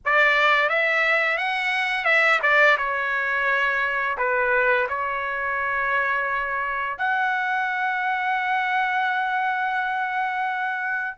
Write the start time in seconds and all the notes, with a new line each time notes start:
0.05 D5
0.69 E5
1.37 F#5
2.05 E5
2.42 D5
2.77 C#5
4.17 B4
4.88 C#5
6.98 F#5